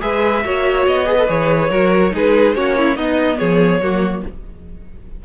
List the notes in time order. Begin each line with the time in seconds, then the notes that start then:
0.00 G#3 G#4 B4 E5
0.44 A#3 F#4 C#5
0.86 B3 D#5
1.06 G#4 B4
1.18 A4
1.27 E3 G#4 C#5
1.70 F#3 F#4 A#4
2.11 G#3 D#4 G#4 B4
2.54 A#3 C#4 F#4 C#5
2.77 E4
2.96 B3 D#4 D#5
3.38 F3 G#4 C#5
3.80 F#3 A#3 F#4